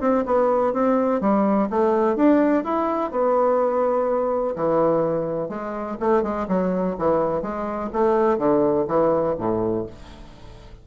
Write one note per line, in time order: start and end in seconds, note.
0.00 0.24 C4
0.25 0.73 B3
0.73 1.20 C4
1.20 1.68 G3
1.70 2.16 A3
2.16 2.64 D4
2.64 3.11 E4
3.11 4.55 B3
4.55 5.48 E3
5.48 5.96 G#3
6.00 6.23 A3
6.23 6.47 G#3
6.48 6.96 F#3
6.98 7.42 E3
7.42 7.90 G#3
7.92 8.38 A3
8.38 8.86 D3
8.87 9.35 E3
9.38 9.86 A2